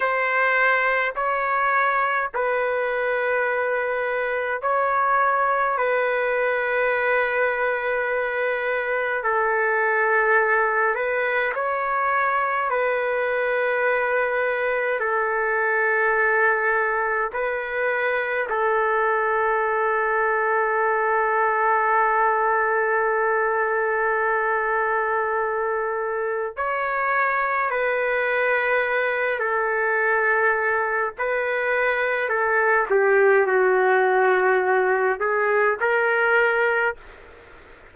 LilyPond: \new Staff \with { instrumentName = "trumpet" } { \time 4/4 \tempo 4 = 52 c''4 cis''4 b'2 | cis''4 b'2. | a'4. b'8 cis''4 b'4~ | b'4 a'2 b'4 |
a'1~ | a'2. cis''4 | b'4. a'4. b'4 | a'8 g'8 fis'4. gis'8 ais'4 | }